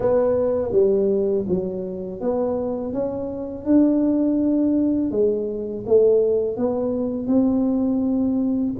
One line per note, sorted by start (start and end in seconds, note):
0.00 0.72 B3
0.72 1.45 G3
1.48 2.21 F#3
2.21 2.93 B3
2.93 3.65 C#4
3.65 5.11 D4
5.11 5.84 G#3
5.86 6.57 A3
6.57 7.27 B3
7.27 8.73 C4